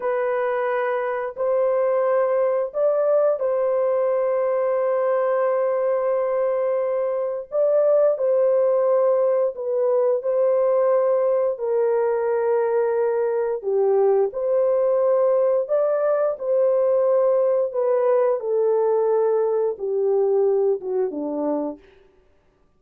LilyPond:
\new Staff \with { instrumentName = "horn" } { \time 4/4 \tempo 4 = 88 b'2 c''2 | d''4 c''2.~ | c''2. d''4 | c''2 b'4 c''4~ |
c''4 ais'2. | g'4 c''2 d''4 | c''2 b'4 a'4~ | a'4 g'4. fis'8 d'4 | }